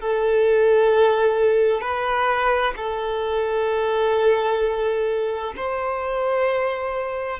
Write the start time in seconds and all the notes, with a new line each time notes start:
0.00 A4
1.81 B4
2.77 A4
5.56 C5